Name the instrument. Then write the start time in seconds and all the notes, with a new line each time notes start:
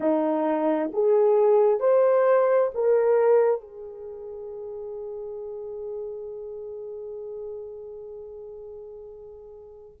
horn
0.00 D#4
0.93 G#4
1.79 C5
2.74 A#4
3.60 G#4